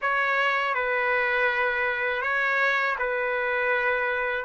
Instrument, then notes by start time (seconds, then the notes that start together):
trumpet
0.01 C#5
0.74 B4
2.22 C#5
2.98 B4